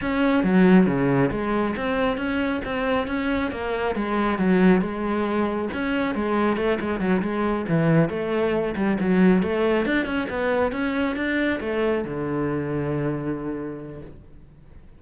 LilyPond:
\new Staff \with { instrumentName = "cello" } { \time 4/4 \tempo 4 = 137 cis'4 fis4 cis4 gis4 | c'4 cis'4 c'4 cis'4 | ais4 gis4 fis4 gis4~ | gis4 cis'4 gis4 a8 gis8 |
fis8 gis4 e4 a4. | g8 fis4 a4 d'8 cis'8 b8~ | b8 cis'4 d'4 a4 d8~ | d1 | }